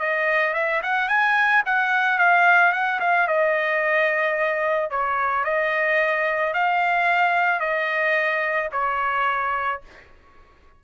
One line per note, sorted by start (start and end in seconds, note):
0.00 0.54 D#5
0.54 0.82 E5
0.84 1.09 F#5
1.09 1.63 G#5
1.66 2.19 F#5
2.19 2.73 F5
2.73 3.00 F#5
3.00 3.28 F5
3.28 4.91 D#5
4.91 5.45 C#5
5.45 6.54 D#5
6.54 7.60 F5
7.60 8.70 D#5
8.73 9.82 C#5